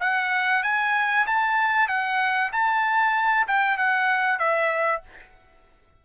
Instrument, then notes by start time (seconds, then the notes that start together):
trumpet
0.00 F#5
0.63 G#5
1.26 A5
1.88 F#5
2.52 A5
3.47 G5
3.77 F#5
4.39 E5